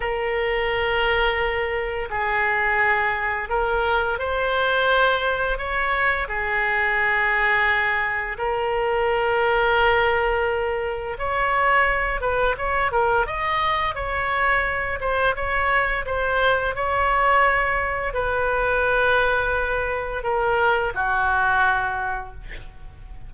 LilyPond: \new Staff \with { instrumentName = "oboe" } { \time 4/4 \tempo 4 = 86 ais'2. gis'4~ | gis'4 ais'4 c''2 | cis''4 gis'2. | ais'1 |
cis''4. b'8 cis''8 ais'8 dis''4 | cis''4. c''8 cis''4 c''4 | cis''2 b'2~ | b'4 ais'4 fis'2 | }